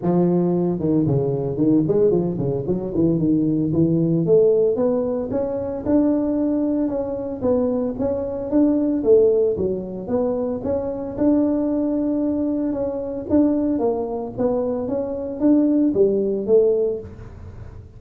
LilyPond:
\new Staff \with { instrumentName = "tuba" } { \time 4/4 \tempo 4 = 113 f4. dis8 cis4 dis8 gis8 | f8 cis8 fis8 e8 dis4 e4 | a4 b4 cis'4 d'4~ | d'4 cis'4 b4 cis'4 |
d'4 a4 fis4 b4 | cis'4 d'2. | cis'4 d'4 ais4 b4 | cis'4 d'4 g4 a4 | }